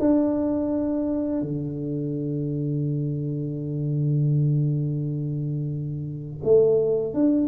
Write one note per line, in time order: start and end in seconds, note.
0.00 1.43 D4
1.43 6.43 D3
6.44 7.14 A3
7.14 7.48 D4